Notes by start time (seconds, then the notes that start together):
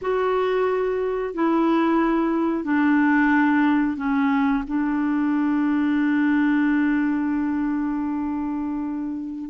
0.02 F#4
1.34 E4
2.63 D4
3.96 C#4
4.67 D4